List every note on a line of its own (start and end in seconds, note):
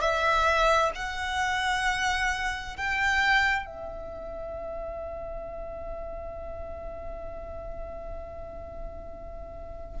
0.00 0.91 E5
0.95 2.76 F#5
2.76 3.66 G5
3.66 10.00 E5